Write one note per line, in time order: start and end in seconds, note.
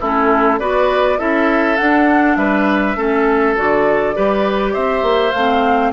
0.00 0.59 A3
0.00 0.60 C#4
0.00 0.59 E4
0.00 0.59 A4
0.59 1.19 B3
0.59 1.18 F#4
0.59 1.18 B4
0.59 1.18 D5
1.18 1.79 C#4
1.18 1.77 E4
1.18 2.37 A4
1.18 1.76 E5
1.76 2.96 D4
1.76 2.36 D4
1.76 2.36 F#5
2.36 2.95 G3
2.36 2.97 B4
2.36 3.54 E5
2.95 3.55 A3
2.95 3.55 C#4
2.95 4.15 A4
3.55 4.16 D3
3.55 4.14 F#4
3.55 4.74 D5
4.14 4.75 G3
4.14 5.32 G4
4.14 4.73 B4
4.73 5.02 C4
4.73 5.92 C5
4.73 5.32 E5
5.02 5.32 A#3
5.32 5.92 A3
5.32 5.92 C4
5.32 5.91 F5